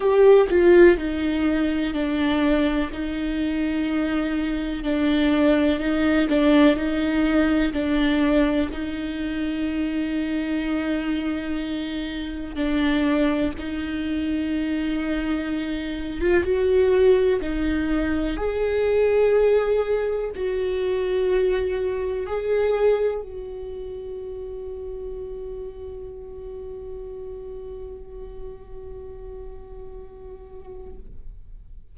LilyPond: \new Staff \with { instrumentName = "viola" } { \time 4/4 \tempo 4 = 62 g'8 f'8 dis'4 d'4 dis'4~ | dis'4 d'4 dis'8 d'8 dis'4 | d'4 dis'2.~ | dis'4 d'4 dis'2~ |
dis'8. f'16 fis'4 dis'4 gis'4~ | gis'4 fis'2 gis'4 | fis'1~ | fis'1 | }